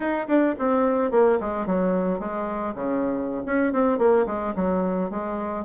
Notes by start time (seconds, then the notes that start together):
0.00 D#4
0.27 D4
0.58 C4
1.11 A#3
1.40 G#3
1.66 F#3
2.19 G#3
2.74 C#3
3.45 C#4
3.73 C4
3.98 A#3
4.26 G#3
4.55 F#3
5.10 G#3